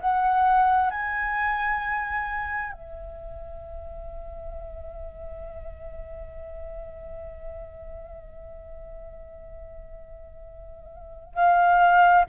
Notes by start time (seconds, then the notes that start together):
0.00 F#5
0.90 G#5
2.72 E5
11.34 F5